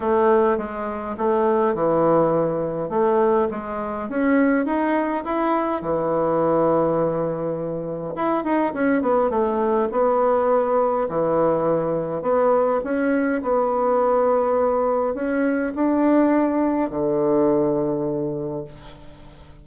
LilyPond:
\new Staff \with { instrumentName = "bassoon" } { \time 4/4 \tempo 4 = 103 a4 gis4 a4 e4~ | e4 a4 gis4 cis'4 | dis'4 e'4 e2~ | e2 e'8 dis'8 cis'8 b8 |
a4 b2 e4~ | e4 b4 cis'4 b4~ | b2 cis'4 d'4~ | d'4 d2. | }